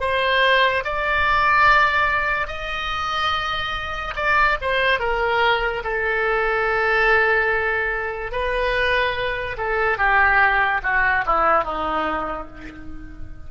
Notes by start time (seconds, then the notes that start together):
0.00 C5
0.84 D5
2.47 D#5
4.16 D5
4.61 C5
5.00 A#4
5.84 A4
8.31 B4
9.57 A4
9.98 G4
10.83 F#4
11.26 E4
11.64 D#4